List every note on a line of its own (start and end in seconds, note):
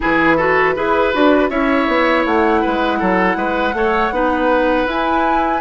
0.00 0.76 E3
0.00 0.37 E4
0.00 0.36 G#4
0.00 1.50 B4
0.36 0.75 F#4
0.36 0.74 A4
0.75 1.14 E4
0.75 1.13 G#4
0.75 1.50 B4
1.13 1.50 D4
1.13 1.50 F#4
1.50 1.87 C#4
1.50 3.74 E4
1.50 2.61 C#5
1.50 2.25 E5
1.87 2.25 B3
2.25 2.63 A3
2.25 4.88 F#5
2.61 3.01 G#3
2.61 2.98 B4
2.99 3.36 F#3
2.99 3.36 A4
3.36 3.73 G#3
3.36 3.75 B4
3.73 4.10 A3
3.73 4.11 A4
3.73 4.13 C#5
4.11 4.86 B3
4.11 4.88 D#4
4.11 5.61 B4
4.86 5.61 E4
4.86 5.61 G#5